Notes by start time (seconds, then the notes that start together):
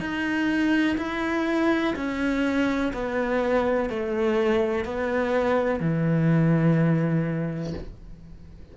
0.00 D#4
0.98 E4
1.95 C#4
2.93 B3
3.90 A3
4.85 B3
5.80 E3